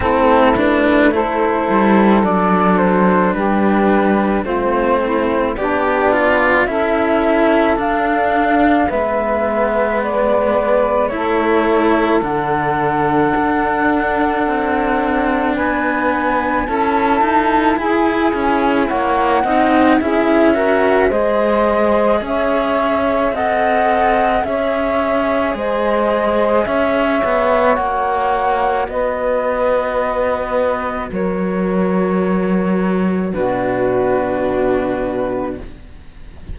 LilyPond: <<
  \new Staff \with { instrumentName = "flute" } { \time 4/4 \tempo 4 = 54 a'8 b'8 c''4 d''8 c''8 b'4 | c''4 d''4 e''4 f''4 | e''4 d''4 cis''4 fis''4~ | fis''2 gis''4 a''4 |
gis''4 fis''4 e''4 dis''4 | e''4 fis''4 e''4 dis''4 | e''4 fis''4 dis''2 | cis''2 b'2 | }
  \new Staff \with { instrumentName = "saxophone" } { \time 4/4 e'4 a'2 g'4 | f'8 e'8 d'4 a'2 | b'2 a'2~ | a'2 b'4 a'4 |
gis'4 cis''8 dis''8 gis'8 ais'8 c''4 | cis''4 dis''4 cis''4 c''4 | cis''2 b'2 | ais'2 fis'2 | }
  \new Staff \with { instrumentName = "cello" } { \time 4/4 c'8 d'8 e'4 d'2 | c'4 g'8 f'8 e'4 d'4 | b2 e'4 d'4~ | d'2. e'4~ |
e'4. dis'8 e'8 fis'8 gis'4~ | gis'4 a'4 gis'2~ | gis'4 fis'2.~ | fis'2 d'2 | }
  \new Staff \with { instrumentName = "cello" } { \time 4/4 a4. g8 fis4 g4 | a4 b4 cis'4 d'4 | gis2 a4 d4 | d'4 c'4 b4 cis'8 dis'8 |
e'8 cis'8 ais8 c'8 cis'4 gis4 | cis'4 c'4 cis'4 gis4 | cis'8 b8 ais4 b2 | fis2 b,2 | }
>>